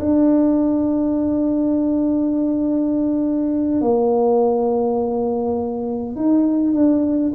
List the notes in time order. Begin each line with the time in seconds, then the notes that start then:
0.00 D4
3.81 A#3
6.16 D#4
6.74 D4